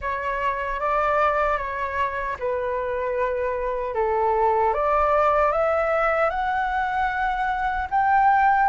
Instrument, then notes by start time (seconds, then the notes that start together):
flute
0.01 C#5
0.80 D5
1.57 C#5
2.39 B4
3.94 A4
4.73 D5
5.52 E5
6.29 F#5
7.90 G5